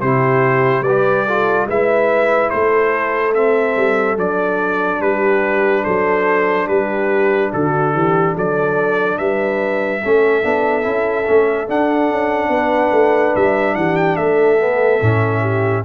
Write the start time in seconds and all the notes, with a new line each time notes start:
0.00 C3 E4 G4 C5
0.80 G3 B4 D5
0.88 G4
1.26 F4 A4
1.66 G#3 E4 B4 E5
2.49 A3 A4 C5
3.34 C4 E5
3.76 G3
4.17 F#3 D4 D5
5.00 G3 G4 B4
5.83 F#3 A4 C5
6.67 G3 G4 B4
7.53 D3 F#4 A4
7.93 E3 G4
8.34 F#3 A4 D5
9.18 G3 B4 E5
10.02 A3 C#4 A4
10.42 B3 D4
10.82 C#4 E4
11.26 A3 C#4
11.67 D4 F#5
12.10 C#4
12.49 B3 B4
12.92 A3
13.36 G3 E5
13.75 E3 G4 F#5
13.96 G5
14.16 A3 A4 E5
14.59 B3
15.01 A2 C#4
15.41 G4